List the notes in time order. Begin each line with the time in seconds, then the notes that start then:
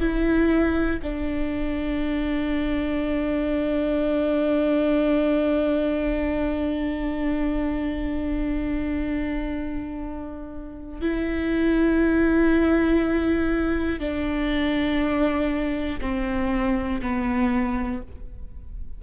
0.00 E4
1.02 D4
11.00 E4
13.99 D4
16.00 C4
17.01 B3